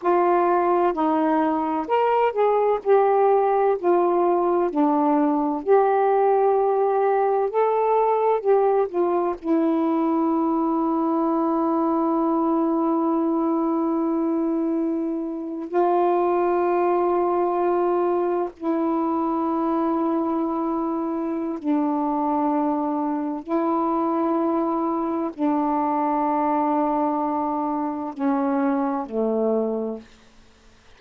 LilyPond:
\new Staff \with { instrumentName = "saxophone" } { \time 4/4 \tempo 4 = 64 f'4 dis'4 ais'8 gis'8 g'4 | f'4 d'4 g'2 | a'4 g'8 f'8 e'2~ | e'1~ |
e'8. f'2. e'16~ | e'2. d'4~ | d'4 e'2 d'4~ | d'2 cis'4 a4 | }